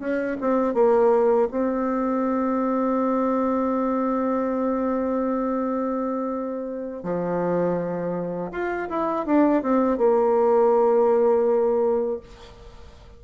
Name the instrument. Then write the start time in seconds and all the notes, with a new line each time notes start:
bassoon
0.00 C#4
0.41 C4
0.74 A#3
1.51 C4
7.03 F3
8.52 F4
8.89 E4
9.26 D4
9.63 C4
9.98 A#3